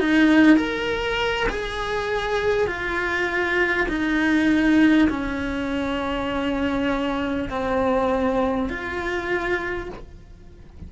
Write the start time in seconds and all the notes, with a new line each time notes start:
0.00 D#4
0.57 A#4
1.50 G#4
2.68 F4
3.89 D#4
5.10 C#4
7.50 C4
8.69 F4